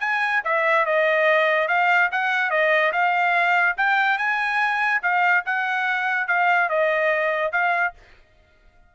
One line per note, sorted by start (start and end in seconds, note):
0.00 0.42 G#5
0.44 0.85 E5
0.85 1.68 D#5
1.68 2.09 F5
2.12 2.50 F#5
2.50 2.92 D#5
2.92 3.76 F5
3.77 4.18 G5
4.18 5.01 G#5
5.02 5.44 F5
5.45 6.27 F#5
6.27 6.69 F5
6.69 7.52 D#5
7.52 7.93 F5